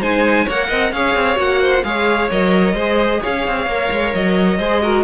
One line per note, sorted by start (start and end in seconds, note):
0.00 0.46 G#3
0.00 0.48 D#4
0.00 0.44 C5
0.00 0.48 G#5
0.44 0.71 A#3
0.44 0.67 C#5
0.44 0.93 F#5
0.51 0.93 A#4
0.68 0.92 C4
0.68 0.91 D#5
0.92 1.15 C#4
0.92 1.36 G#4
0.92 1.62 C#5
0.92 1.38 F5
1.15 1.37 C4
1.36 1.83 A#3
1.36 1.81 F#4
1.36 1.84 F#5
1.62 1.84 C5
1.84 2.30 G#3
1.84 2.30 G#4
1.84 2.74 C#5
1.84 2.30 F5
2.31 2.74 F#3
2.31 2.76 A#4
2.31 3.23 D#5
2.74 3.19 G#3
2.74 3.68 G#4
2.74 3.20 C5
3.21 3.47 C#4
3.21 4.58 C#5
3.21 4.15 F5
3.47 3.67 C4
3.67 3.90 A#3
3.67 4.60 A#4
3.91 4.14 G#3
4.14 4.59 F#3
4.14 5.04 D#5
4.58 5.04 G#3
4.58 4.83 G#4
4.58 4.81 C5
4.83 5.04 F#4
4.83 5.04 A#4